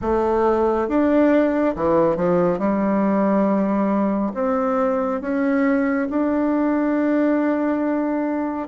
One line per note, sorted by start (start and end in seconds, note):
0.01 0.88 A3
0.88 1.75 D4
1.75 2.16 E3
2.16 2.58 F3
2.58 4.32 G3
4.34 5.21 C4
5.21 6.08 C#4
6.09 8.68 D4